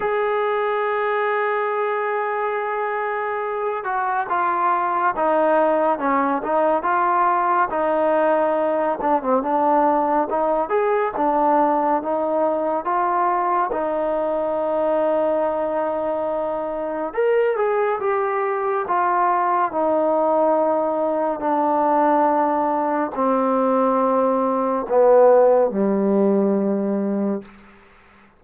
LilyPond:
\new Staff \with { instrumentName = "trombone" } { \time 4/4 \tempo 4 = 70 gis'1~ | gis'8 fis'8 f'4 dis'4 cis'8 dis'8 | f'4 dis'4. d'16 c'16 d'4 | dis'8 gis'8 d'4 dis'4 f'4 |
dis'1 | ais'8 gis'8 g'4 f'4 dis'4~ | dis'4 d'2 c'4~ | c'4 b4 g2 | }